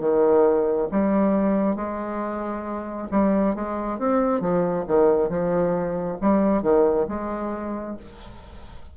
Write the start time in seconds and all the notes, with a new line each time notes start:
0.00 D#3
0.92 G3
1.76 G#3
3.12 G3
3.55 G#3
3.99 C4
4.41 F3
4.88 D#3
5.29 F3
6.21 G3
6.63 D#3
7.09 G#3